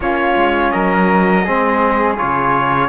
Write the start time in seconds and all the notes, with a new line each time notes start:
0.00 A#3 C#4 F4 C#5
0.36 G#3
0.71 F#3 A#4 D#5
1.44 G#3 C4 G#4
2.16 C#3 F4 C#5